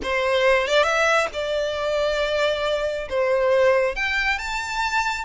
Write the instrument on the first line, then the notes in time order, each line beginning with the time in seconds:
violin
0.03 C5
0.67 D5
0.83 E5
1.33 D5
3.09 C5
3.95 G5
4.38 A5